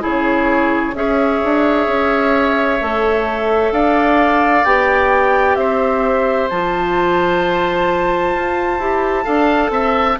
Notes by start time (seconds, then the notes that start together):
0.00 C#3 E4 G#4 C#5
0.94 C#4 G#4 C#5 E5
1.44 D4
1.87 C#4
2.80 A3 A4
3.71 D4 D5 F5
4.64 B3 G4 G5
5.55 C4 C5 E5
6.49 F3 F4 A5
8.35 F4
8.78 E4 G4
9.23 D4 A4 F5
9.70 C4 E5